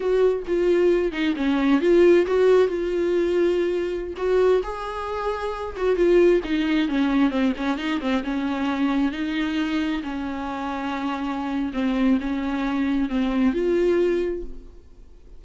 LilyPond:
\new Staff \with { instrumentName = "viola" } { \time 4/4 \tempo 4 = 133 fis'4 f'4. dis'8 cis'4 | f'4 fis'4 f'2~ | f'4~ f'16 fis'4 gis'4.~ gis'16~ | gis'8. fis'8 f'4 dis'4 cis'8.~ |
cis'16 c'8 cis'8 dis'8 c'8 cis'4.~ cis'16~ | cis'16 dis'2 cis'4.~ cis'16~ | cis'2 c'4 cis'4~ | cis'4 c'4 f'2 | }